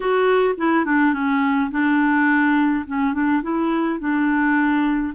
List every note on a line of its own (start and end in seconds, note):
0.00 0.55 F#4
0.57 0.85 E4
0.85 1.13 D4
1.13 1.70 C#4
1.70 2.84 D4
2.86 3.13 C#4
3.13 3.42 D4
3.42 3.99 E4
3.99 5.13 D4